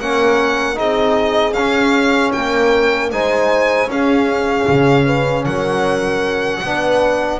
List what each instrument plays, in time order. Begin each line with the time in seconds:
0.00 double bass A#3, trombone C#4, horn A#4, violin F#5
0.75 double bass C4, trombone D#4, horn G#4, violin D#5
1.53 double bass C#4, trombone C#4, violin F5
2.32 double bass A#3, horn A#4, violin G5
3.11 double bass G#3, trombone D#4, horn C5, violin G#5
3.86 double bass C#4, trombone C#4, horn G#4, violin F5
4.68 double bass C#3
5.05 horn B4
5.45 double bass F#3, horn A#4, violin F#5
6.63 double bass B3, trombone D4, horn B4